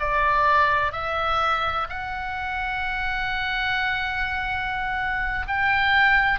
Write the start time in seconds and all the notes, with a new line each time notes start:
0.00 D5
0.93 E5
1.90 F#5
5.48 G5